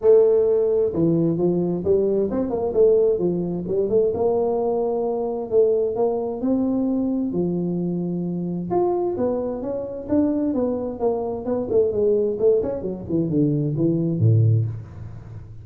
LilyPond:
\new Staff \with { instrumentName = "tuba" } { \time 4/4 \tempo 4 = 131 a2 e4 f4 | g4 c'8 ais8 a4 f4 | g8 a8 ais2. | a4 ais4 c'2 |
f2. f'4 | b4 cis'4 d'4 b4 | ais4 b8 a8 gis4 a8 cis'8 | fis8 e8 d4 e4 a,4 | }